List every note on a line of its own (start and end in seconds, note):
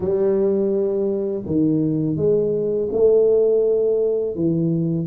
0.00 1.43 G3
1.46 2.16 D#3
2.16 2.88 G#3
2.91 4.35 A3
4.35 5.06 E3